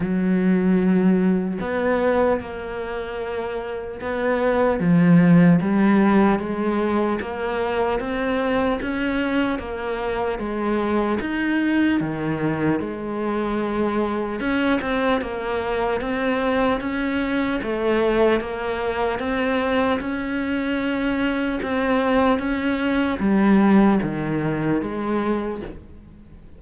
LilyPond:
\new Staff \with { instrumentName = "cello" } { \time 4/4 \tempo 4 = 75 fis2 b4 ais4~ | ais4 b4 f4 g4 | gis4 ais4 c'4 cis'4 | ais4 gis4 dis'4 dis4 |
gis2 cis'8 c'8 ais4 | c'4 cis'4 a4 ais4 | c'4 cis'2 c'4 | cis'4 g4 dis4 gis4 | }